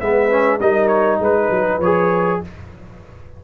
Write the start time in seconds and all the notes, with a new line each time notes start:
0.00 G#3 B3 B4 E5
0.30 C#4
0.59 G3 D#4 A#4 D#5
0.88 C#5
1.19 G#3 B4
1.51 F#3
1.79 F3 G#4 C#5